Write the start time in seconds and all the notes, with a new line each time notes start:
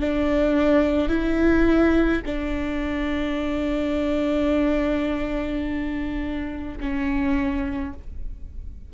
0.00 D4
1.09 E4
2.25 D4
6.80 C#4